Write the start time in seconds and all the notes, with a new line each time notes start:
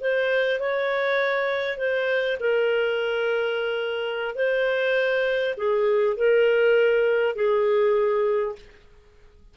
0.00 C5
0.59 C#5
1.77 C5
2.39 A#4
4.34 C5
5.56 G#4
6.16 A#4
7.35 G#4